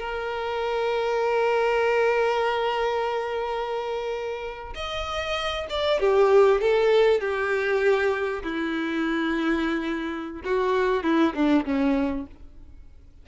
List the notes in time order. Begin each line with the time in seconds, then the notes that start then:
0.00 A#4
4.75 D#5
5.70 D5
6.00 G4
6.61 A4
7.21 G4
8.43 E4
10.45 F#4
11.03 E4
11.35 D4
11.65 C#4